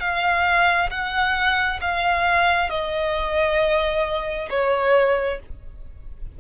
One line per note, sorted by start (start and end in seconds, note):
0.00 0.90 F5
0.90 1.80 F#5
1.81 2.70 F5
2.70 4.49 D#5
4.50 5.39 C#5